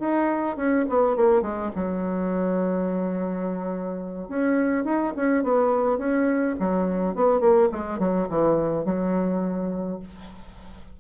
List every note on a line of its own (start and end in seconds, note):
0.00 0.57 D#4
0.57 0.85 C#4
0.89 1.17 B3
1.17 1.42 A#3
1.42 1.71 G#3
1.76 4.29 F#3
4.29 4.85 C#4
4.85 5.13 D#4
5.16 5.44 C#4
5.44 5.98 B3
5.98 6.56 C#4
6.60 7.15 F#3
7.15 7.40 B3
7.40 7.69 A#3
7.72 7.99 G#3
7.99 8.28 F#3
8.29 8.85 E3
8.85 10.00 F#3